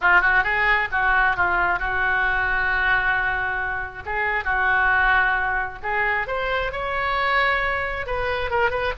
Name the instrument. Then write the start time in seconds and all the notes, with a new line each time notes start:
oboe
0.01 F4
0.21 F#4
0.43 G#4
0.91 F#4
1.36 F4
1.79 F#4
4.05 G#4
4.44 F#4
5.82 G#4
6.27 C5
6.72 C#5
8.06 B4
8.50 A#4
8.70 B4